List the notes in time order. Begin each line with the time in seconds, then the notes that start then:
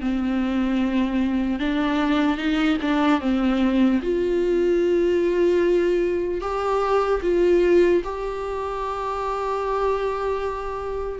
0.00 C4
1.59 D4
2.37 D#4
2.81 D4
3.20 C4
4.02 F4
6.41 G4
7.22 F4
8.04 G4